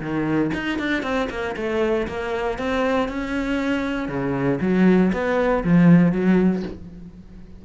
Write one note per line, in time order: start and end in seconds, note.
0.00 0.51 D#3
0.53 0.78 D#4
0.78 1.02 D4
1.02 1.28 C4
1.30 1.55 A#3
1.56 2.07 A3
2.07 2.58 A#3
2.58 3.08 C4
3.08 4.08 C#4
4.08 4.59 C#3
4.61 5.11 F#3
5.12 5.63 B3
5.64 6.12 F3
6.12 6.62 F#3